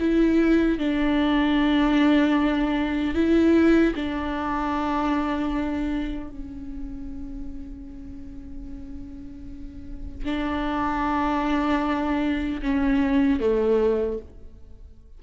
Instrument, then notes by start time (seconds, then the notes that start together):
viola
0.00 E4
0.78 D4
3.15 E4
3.95 D4
6.30 C#4
10.25 D4
12.62 C#4
13.40 A3